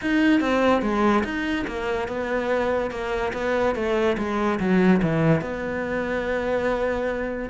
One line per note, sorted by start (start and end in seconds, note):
0.01 0.40 D#4
0.40 0.81 C4
0.81 1.23 G#3
1.24 1.65 D#4
1.67 2.08 A#3
2.08 2.90 B3
2.90 3.32 A#3
3.33 3.75 B3
3.75 4.16 A3
4.17 4.59 G#3
4.59 5.01 F#3
5.02 5.41 E3
5.41 7.49 B3